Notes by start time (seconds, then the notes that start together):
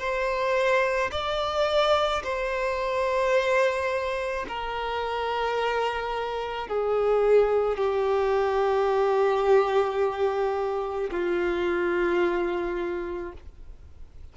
0.00 C5
1.12 D5
2.24 C5
4.48 A#4
6.68 G#4
7.77 G4
11.11 F4